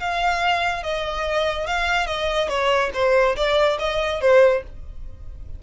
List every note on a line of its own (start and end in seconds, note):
0.00 0.83 F5
0.83 1.67 D#5
1.67 2.07 F5
2.07 2.49 D#5
2.49 2.91 C#5
2.94 3.36 C5
3.36 3.78 D5
3.80 4.21 D#5
4.21 4.63 C5